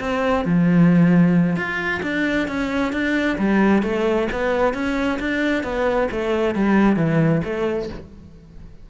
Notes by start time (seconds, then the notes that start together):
0.00 C4
0.45 F3
1.56 F4
2.03 D4
2.48 C#4
2.93 D4
3.38 G3
3.83 A3
4.32 B3
4.74 C#4
5.19 D4
5.63 B3
6.11 A3
6.55 G3
6.96 E3
7.44 A3